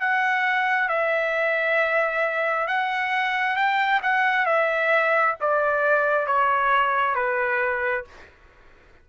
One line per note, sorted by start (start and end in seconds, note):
0.00 0.89 F#5
0.89 2.67 E5
2.67 3.56 F#5
3.56 4.01 G5
4.03 4.46 F#5
4.46 5.35 E5
5.41 6.26 D5
6.26 7.15 C#5
7.15 8.05 B4